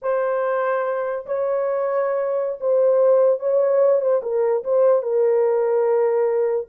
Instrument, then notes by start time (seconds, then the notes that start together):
horn
0.02 C5
1.26 C#5
2.60 C5
3.39 C#5
4.01 C5
4.22 A#4
4.63 C5
5.02 A#4